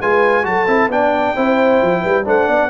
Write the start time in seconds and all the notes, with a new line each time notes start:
0.00 G#3 F4 B4 G#5
0.43 F#3 F#4 A4 A5
0.67 C4 E4
0.88 B3 D4 G5
0.94 D5
1.35 C4 E4 C5
1.82 F3
2.01 G3 B4
2.25 A3 D4 C5 F#5
2.47 B3 D5